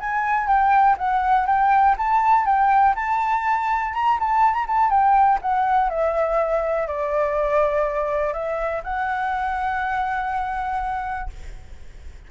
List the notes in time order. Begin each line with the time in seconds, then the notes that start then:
0.00 G#5
0.47 G5
0.98 F#5
1.46 G5
1.97 A5
2.45 G5
2.95 A5
3.94 A#5
4.19 A5
4.53 A#5
4.67 A5
4.90 G5
5.41 F#5
5.89 E5
6.87 D5
8.33 E5
8.83 F#5